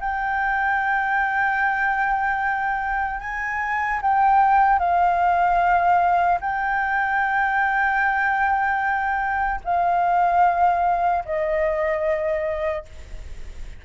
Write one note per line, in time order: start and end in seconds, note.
0.00 3.20 G5
3.20 4.00 G#5
4.02 4.79 G5
4.79 6.39 F5
6.40 9.60 G5
9.64 11.24 F5
11.25 12.85 D#5